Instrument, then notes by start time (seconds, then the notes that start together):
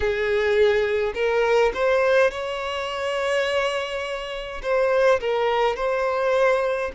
violin
0.00 G#4
1.14 A#4
1.74 C5
2.31 C#5
4.62 C5
5.20 A#4
5.76 C5